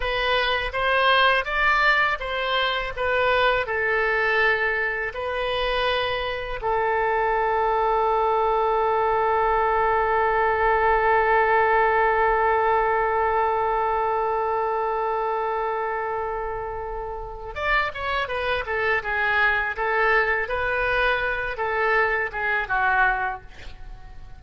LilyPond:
\new Staff \with { instrumentName = "oboe" } { \time 4/4 \tempo 4 = 82 b'4 c''4 d''4 c''4 | b'4 a'2 b'4~ | b'4 a'2.~ | a'1~ |
a'1~ | a'1 | d''8 cis''8 b'8 a'8 gis'4 a'4 | b'4. a'4 gis'8 fis'4 | }